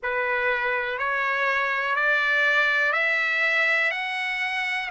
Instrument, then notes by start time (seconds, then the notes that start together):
trumpet
0.03 B4
0.98 C#5
1.95 D5
2.92 E5
3.91 F#5